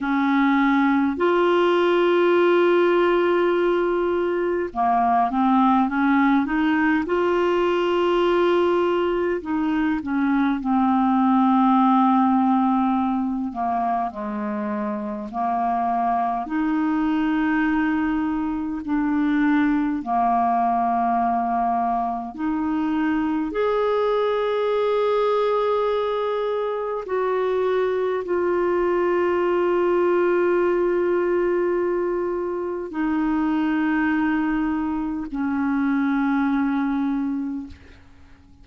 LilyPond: \new Staff \with { instrumentName = "clarinet" } { \time 4/4 \tempo 4 = 51 cis'4 f'2. | ais8 c'8 cis'8 dis'8 f'2 | dis'8 cis'8 c'2~ c'8 ais8 | gis4 ais4 dis'2 |
d'4 ais2 dis'4 | gis'2. fis'4 | f'1 | dis'2 cis'2 | }